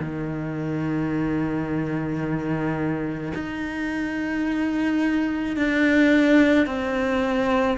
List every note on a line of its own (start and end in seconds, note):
0.00 3.33 D#3
3.34 5.57 D#4
5.57 6.67 D4
6.67 7.78 C4